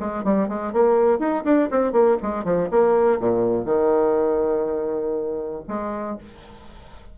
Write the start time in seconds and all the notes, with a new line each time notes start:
0.00 G#3
0.24 G3
0.48 G#3
0.73 A#3
1.19 D#4
1.45 D4
1.71 C4
1.92 A#3
2.23 G#3
2.45 F3
2.71 A#3
3.20 A#2
3.65 D#3
5.68 G#3